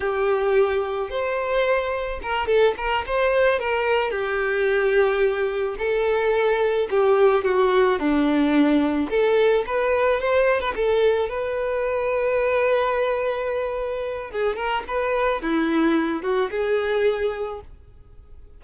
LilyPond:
\new Staff \with { instrumentName = "violin" } { \time 4/4 \tempo 4 = 109 g'2 c''2 | ais'8 a'8 ais'8 c''4 ais'4 g'8~ | g'2~ g'8 a'4.~ | a'8 g'4 fis'4 d'4.~ |
d'8 a'4 b'4 c''8. b'16 a'8~ | a'8 b'2.~ b'8~ | b'2 gis'8 ais'8 b'4 | e'4. fis'8 gis'2 | }